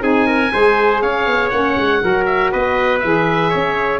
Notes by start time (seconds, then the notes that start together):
0.00 C4 D#4 G#4 G#5
0.26 A#4
0.51 G#3 G#4 C5
1.01 C#4 C#5 F5
1.26 B3
1.49 A#3 C#4 F#5
1.77 G#3
2.00 F#3 F#4 A#4
2.26 E5
2.52 B3 B4 D#5
2.99 E3 G#4 E5
3.49 C#4 C#5